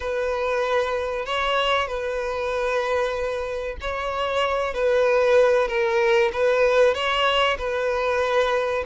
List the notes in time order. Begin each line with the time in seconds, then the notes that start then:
0.00 B4
1.25 C#5
1.87 B4
3.80 C#5
4.74 B4
5.68 A#4
6.32 B4
6.94 C#5
7.58 B4